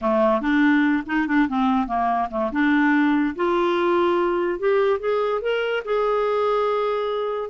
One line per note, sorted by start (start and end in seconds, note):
0.01 0.41 A3
0.41 1.03 D4
1.06 1.27 D#4
1.27 1.48 D4
1.48 1.87 C4
1.87 2.28 A#3
2.30 2.51 A3
2.52 3.35 D4
3.35 4.59 F4
4.59 4.99 G4
4.99 5.41 G#4
5.41 5.83 A#4
5.84 7.50 G#4